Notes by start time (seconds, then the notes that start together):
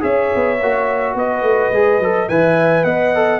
0.00 C#4 G#4 C#5 E5
0.35 B3
0.61 A#3 F#4
1.14 B3 B4 D#5
1.42 A3
1.71 G#3 G#4
1.99 F#3 A4
2.28 E3 B4 E5 G#5
2.84 B3 D#5 F#5
3.14 A4